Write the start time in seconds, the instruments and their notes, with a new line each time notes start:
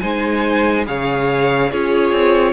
0.00 cello G#3, viola D#4, violin C5 G#5
0.86 cello C#3, viola G#4, violin C#5 F5
1.71 cello C#4, viola F4, violin G#4 C#5
2.12 cello C4